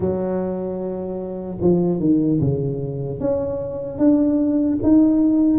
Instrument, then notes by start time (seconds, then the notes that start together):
tuba
0.00 F#3
1.60 F3
1.99 D#3
2.40 C#3
3.20 C#4
3.98 D4
4.83 D#4